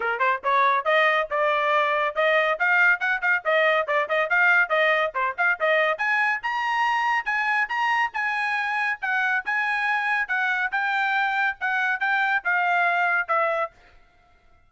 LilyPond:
\new Staff \with { instrumentName = "trumpet" } { \time 4/4 \tempo 4 = 140 ais'8 c''8 cis''4 dis''4 d''4~ | d''4 dis''4 f''4 fis''8 f''8 | dis''4 d''8 dis''8 f''4 dis''4 | c''8 f''8 dis''4 gis''4 ais''4~ |
ais''4 gis''4 ais''4 gis''4~ | gis''4 fis''4 gis''2 | fis''4 g''2 fis''4 | g''4 f''2 e''4 | }